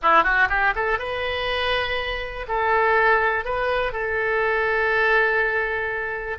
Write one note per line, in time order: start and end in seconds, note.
0.02 0.23 E4
0.23 0.48 F#4
0.49 0.74 G4
0.75 0.99 A4
0.99 2.46 B4
2.47 3.44 A4
3.44 3.92 B4
3.92 6.38 A4